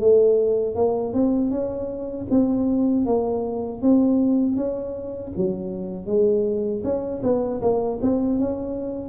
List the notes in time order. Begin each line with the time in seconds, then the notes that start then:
0.00 A3
0.76 A#3
1.14 C4
1.51 C#4
2.30 C4
3.06 A#3
3.82 C4
4.56 C#4
5.36 F#3
6.06 G#3
6.84 C#4
7.23 B3
7.62 A#3
8.02 C4
8.39 C#4